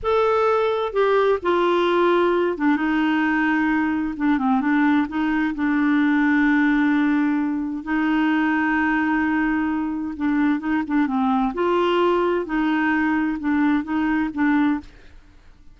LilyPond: \new Staff \with { instrumentName = "clarinet" } { \time 4/4 \tempo 4 = 130 a'2 g'4 f'4~ | f'4. d'8 dis'2~ | dis'4 d'8 c'8 d'4 dis'4 | d'1~ |
d'4 dis'2.~ | dis'2 d'4 dis'8 d'8 | c'4 f'2 dis'4~ | dis'4 d'4 dis'4 d'4 | }